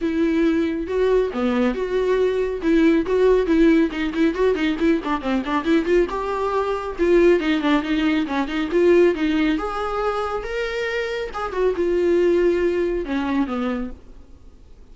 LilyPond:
\new Staff \with { instrumentName = "viola" } { \time 4/4 \tempo 4 = 138 e'2 fis'4 b4 | fis'2 e'4 fis'4 | e'4 dis'8 e'8 fis'8 dis'8 e'8 d'8 | c'8 d'8 e'8 f'8 g'2 |
f'4 dis'8 d'8 dis'4 cis'8 dis'8 | f'4 dis'4 gis'2 | ais'2 gis'8 fis'8 f'4~ | f'2 cis'4 b4 | }